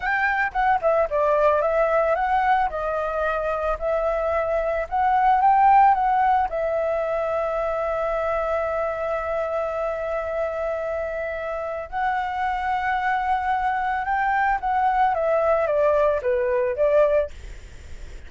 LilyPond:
\new Staff \with { instrumentName = "flute" } { \time 4/4 \tempo 4 = 111 g''4 fis''8 e''8 d''4 e''4 | fis''4 dis''2 e''4~ | e''4 fis''4 g''4 fis''4 | e''1~ |
e''1~ | e''2 fis''2~ | fis''2 g''4 fis''4 | e''4 d''4 b'4 d''4 | }